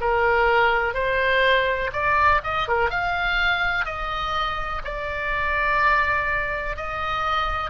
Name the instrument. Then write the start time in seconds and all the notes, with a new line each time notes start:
oboe
0.00 A#4
0.94 C5
1.93 D5
2.43 D#5
2.68 A#4
2.89 F5
3.85 D#5
4.84 D5
6.76 D#5